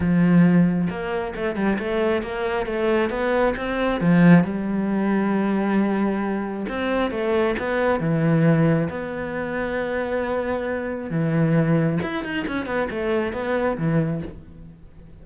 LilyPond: \new Staff \with { instrumentName = "cello" } { \time 4/4 \tempo 4 = 135 f2 ais4 a8 g8 | a4 ais4 a4 b4 | c'4 f4 g2~ | g2. c'4 |
a4 b4 e2 | b1~ | b4 e2 e'8 dis'8 | cis'8 b8 a4 b4 e4 | }